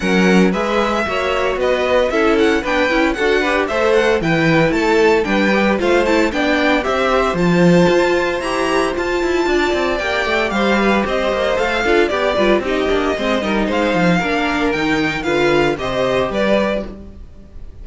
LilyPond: <<
  \new Staff \with { instrumentName = "violin" } { \time 4/4 \tempo 4 = 114 fis''4 e''2 dis''4 | e''8 fis''8 g''4 fis''4 e''8 fis''8 | g''4 a''4 g''4 f''8 a''8 | g''4 e''4 a''2 |
ais''4 a''2 g''4 | f''4 dis''4 f''4 d''4 | dis''2 f''2 | g''4 f''4 dis''4 d''4 | }
  \new Staff \with { instrumentName = "violin" } { \time 4/4 ais'4 b'4 cis''4 b'4 | a'4 b'4 a'8 b'8 c''4 | b'4 a'4 b'4 c''4 | d''4 c''2.~ |
c''2 d''2 | c''8 b'8 c''4. a'8 g'8 b'8 | g'4 c''8 ais'8 c''4 ais'4~ | ais'4 b'4 c''4 b'4 | }
  \new Staff \with { instrumentName = "viola" } { \time 4/4 cis'4 gis'4 fis'2 | e'4 d'8 e'8 fis'8 g'8 a'4 | e'2 d'8 g'8 f'8 e'8 | d'4 g'4 f'2 |
g'4 f'2 g'4~ | g'2 a'8 f'8 g'8 f'8 | dis'8 d'8 c'8 dis'4. d'4 | dis'4 f'4 g'2 | }
  \new Staff \with { instrumentName = "cello" } { \time 4/4 fis4 gis4 ais4 b4 | cis'4 b8 cis'8 d'4 a4 | e4 a4 g4 a4 | b4 c'4 f4 f'4 |
e'4 f'8 e'8 d'8 c'8 ais8 a8 | g4 c'8 ais8 a8 d'8 b8 g8 | c'8 ais8 gis8 g8 gis8 f8 ais4 | dis4 d4 c4 g4 | }
>>